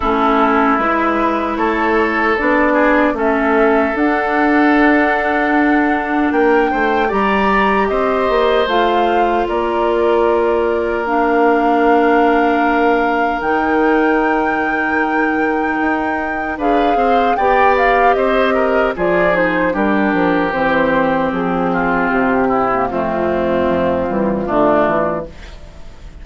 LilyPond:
<<
  \new Staff \with { instrumentName = "flute" } { \time 4/4 \tempo 4 = 76 a'4 b'4 cis''4 d''4 | e''4 fis''2. | g''4 ais''4 dis''4 f''4 | d''2 f''2~ |
f''4 g''2.~ | g''4 f''4 g''8 f''8 dis''4 | d''8 c''8 ais'4 c''4 gis'4 | g'4 f'2. | }
  \new Staff \with { instrumentName = "oboe" } { \time 4/4 e'2 a'4. gis'8 | a'1 | ais'8 c''8 d''4 c''2 | ais'1~ |
ais'1~ | ais'4 b'8 c''8 d''4 c''8 ais'8 | gis'4 g'2~ g'8 f'8~ | f'8 e'8 c'2 d'4 | }
  \new Staff \with { instrumentName = "clarinet" } { \time 4/4 cis'4 e'2 d'4 | cis'4 d'2.~ | d'4 g'2 f'4~ | f'2 d'2~ |
d'4 dis'2.~ | dis'4 gis'4 g'2 | f'8 dis'8 d'4 c'2~ | c'8. ais16 a4. g8 a4 | }
  \new Staff \with { instrumentName = "bassoon" } { \time 4/4 a4 gis4 a4 b4 | a4 d'2. | ais8 a8 g4 c'8 ais8 a4 | ais1~ |
ais4 dis2. | dis'4 d'8 c'8 b4 c'4 | f4 g8 f8 e4 f4 | c4 f,4 f8 e8 d8 e8 | }
>>